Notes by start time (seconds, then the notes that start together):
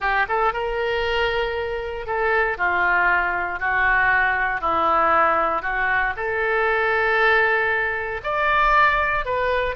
0.00 G4
0.28 A4
0.53 A#4
2.06 A4
2.57 F4
3.59 F#4
4.60 E4
5.62 F#4
6.16 A4
8.23 D5
9.25 B4